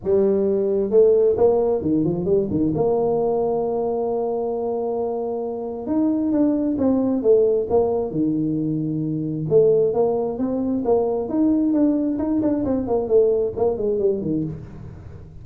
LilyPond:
\new Staff \with { instrumentName = "tuba" } { \time 4/4 \tempo 4 = 133 g2 a4 ais4 | dis8 f8 g8 dis8 ais2~ | ais1~ | ais4 dis'4 d'4 c'4 |
a4 ais4 dis2~ | dis4 a4 ais4 c'4 | ais4 dis'4 d'4 dis'8 d'8 | c'8 ais8 a4 ais8 gis8 g8 dis8 | }